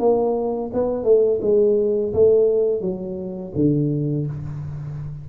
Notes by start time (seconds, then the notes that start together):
0.00 A#3
0.74 B3
1.04 A3
1.42 G#3
2.14 A3
2.81 F#3
3.56 D3